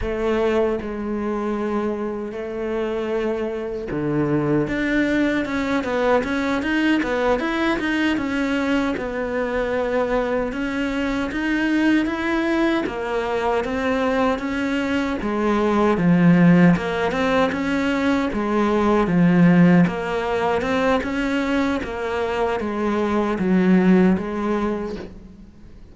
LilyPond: \new Staff \with { instrumentName = "cello" } { \time 4/4 \tempo 4 = 77 a4 gis2 a4~ | a4 d4 d'4 cis'8 b8 | cis'8 dis'8 b8 e'8 dis'8 cis'4 b8~ | b4. cis'4 dis'4 e'8~ |
e'8 ais4 c'4 cis'4 gis8~ | gis8 f4 ais8 c'8 cis'4 gis8~ | gis8 f4 ais4 c'8 cis'4 | ais4 gis4 fis4 gis4 | }